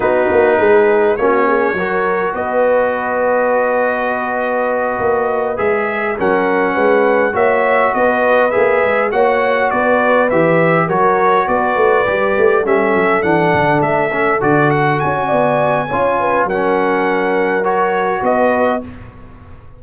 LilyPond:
<<
  \new Staff \with { instrumentName = "trumpet" } { \time 4/4 \tempo 4 = 102 b'2 cis''2 | dis''1~ | dis''4. e''4 fis''4.~ | fis''8 e''4 dis''4 e''4 fis''8~ |
fis''8 d''4 e''4 cis''4 d''8~ | d''4. e''4 fis''4 e''8~ | e''8 d''8 fis''8 gis''2~ gis''8 | fis''2 cis''4 dis''4 | }
  \new Staff \with { instrumentName = "horn" } { \time 4/4 fis'4 gis'4 fis'8 gis'8 ais'4 | b'1~ | b'2~ b'8 ais'4 b'8~ | b'8 cis''4 b'2 cis''8~ |
cis''8 b'2 ais'4 b'8~ | b'4. a'2~ a'8~ | a'2 d''4 cis''8 b'8 | ais'2. b'4 | }
  \new Staff \with { instrumentName = "trombone" } { \time 4/4 dis'2 cis'4 fis'4~ | fis'1~ | fis'4. gis'4 cis'4.~ | cis'8 fis'2 gis'4 fis'8~ |
fis'4. g'4 fis'4.~ | fis'8 g'4 cis'4 d'4. | cis'8 fis'2~ fis'8 f'4 | cis'2 fis'2 | }
  \new Staff \with { instrumentName = "tuba" } { \time 4/4 b8 ais8 gis4 ais4 fis4 | b1~ | b8 ais4 gis4 fis4 gis8~ | gis8 ais4 b4 ais8 gis8 ais8~ |
ais8 b4 e4 fis4 b8 | a8 g8 a8 g8 fis8 e8 d8 a8~ | a8 d4 cis'8 b4 cis'4 | fis2. b4 | }
>>